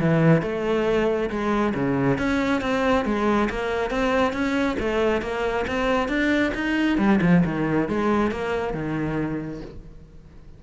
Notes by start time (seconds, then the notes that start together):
0.00 E3
0.42 A3
1.30 G#3
1.74 C#3
2.18 C#4
2.61 C4
3.05 G#3
3.50 A#3
3.91 C4
4.33 C#4
4.79 A3
5.22 A#3
5.67 C4
6.09 D4
6.55 D#4
6.98 G3
7.22 F3
7.45 D#3
7.88 G#3
8.31 A#3
8.74 D#3